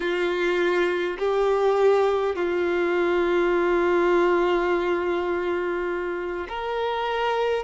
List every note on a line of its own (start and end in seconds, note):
0.00 1.17 F4
1.18 2.35 G4
2.35 6.47 F4
6.48 7.63 A#4